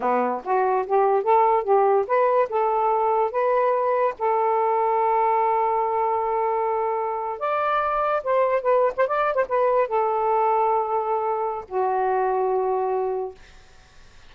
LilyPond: \new Staff \with { instrumentName = "saxophone" } { \time 4/4 \tempo 4 = 144 b4 fis'4 g'4 a'4 | g'4 b'4 a'2 | b'2 a'2~ | a'1~ |
a'4.~ a'16 d''2 c''16~ | c''8. b'8. c''16 d''8. c''16 b'4 a'16~ | a'1 | fis'1 | }